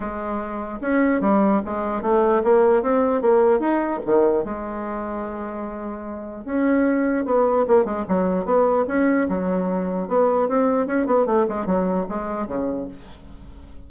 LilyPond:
\new Staff \with { instrumentName = "bassoon" } { \time 4/4 \tempo 4 = 149 gis2 cis'4 g4 | gis4 a4 ais4 c'4 | ais4 dis'4 dis4 gis4~ | gis1 |
cis'2 b4 ais8 gis8 | fis4 b4 cis'4 fis4~ | fis4 b4 c'4 cis'8 b8 | a8 gis8 fis4 gis4 cis4 | }